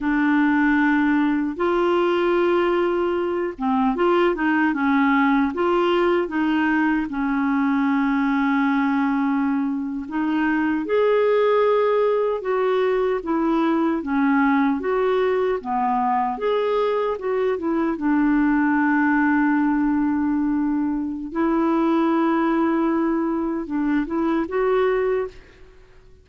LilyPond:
\new Staff \with { instrumentName = "clarinet" } { \time 4/4 \tempo 4 = 76 d'2 f'2~ | f'8 c'8 f'8 dis'8 cis'4 f'4 | dis'4 cis'2.~ | cis'8. dis'4 gis'2 fis'16~ |
fis'8. e'4 cis'4 fis'4 b16~ | b8. gis'4 fis'8 e'8 d'4~ d'16~ | d'2. e'4~ | e'2 d'8 e'8 fis'4 | }